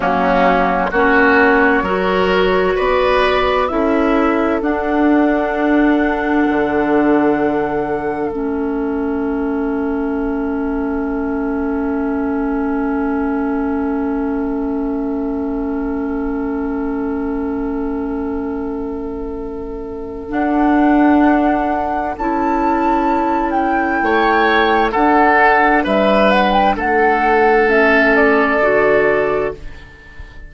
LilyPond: <<
  \new Staff \with { instrumentName = "flute" } { \time 4/4 \tempo 4 = 65 fis'4 cis''2 d''4 | e''4 fis''2.~ | fis''4 e''2.~ | e''1~ |
e''1~ | e''2 fis''2 | a''4. g''4. fis''4 | e''8 fis''16 g''16 fis''4 e''8 d''4. | }
  \new Staff \with { instrumentName = "oboe" } { \time 4/4 cis'4 fis'4 ais'4 b'4 | a'1~ | a'1~ | a'1~ |
a'1~ | a'1~ | a'2 cis''4 a'4 | b'4 a'2. | }
  \new Staff \with { instrumentName = "clarinet" } { \time 4/4 ais4 cis'4 fis'2 | e'4 d'2.~ | d'4 cis'2.~ | cis'1~ |
cis'1~ | cis'2 d'2 | e'2. d'4~ | d'2 cis'4 fis'4 | }
  \new Staff \with { instrumentName = "bassoon" } { \time 4/4 fis4 ais4 fis4 b4 | cis'4 d'2 d4~ | d4 a2.~ | a1~ |
a1~ | a2 d'2 | cis'2 a4 d'4 | g4 a2 d4 | }
>>